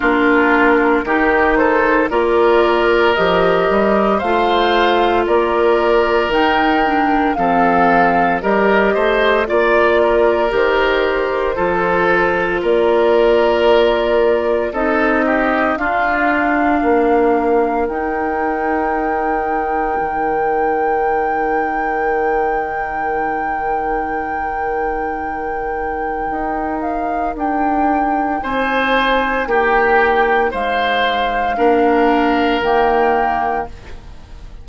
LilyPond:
<<
  \new Staff \with { instrumentName = "flute" } { \time 4/4 \tempo 4 = 57 ais'4. c''8 d''4 dis''4 | f''4 d''4 g''4 f''4 | dis''4 d''4 c''2 | d''2 dis''4 f''4~ |
f''4 g''2.~ | g''1~ | g''4. f''8 g''4 gis''4 | g''4 f''2 g''4 | }
  \new Staff \with { instrumentName = "oboe" } { \time 4/4 f'4 g'8 a'8 ais'2 | c''4 ais'2 a'4 | ais'8 c''8 d''8 ais'4. a'4 | ais'2 a'8 g'8 f'4 |
ais'1~ | ais'1~ | ais'2. c''4 | g'4 c''4 ais'2 | }
  \new Staff \with { instrumentName = "clarinet" } { \time 4/4 d'4 dis'4 f'4 g'4 | f'2 dis'8 d'8 c'4 | g'4 f'4 g'4 f'4~ | f'2 dis'4 d'4~ |
d'4 dis'2.~ | dis'1~ | dis'1~ | dis'2 d'4 ais4 | }
  \new Staff \with { instrumentName = "bassoon" } { \time 4/4 ais4 dis4 ais4 f8 g8 | a4 ais4 dis4 f4 | g8 a8 ais4 dis4 f4 | ais2 c'4 d'4 |
ais4 dis'2 dis4~ | dis1~ | dis4 dis'4 d'4 c'4 | ais4 gis4 ais4 dis4 | }
>>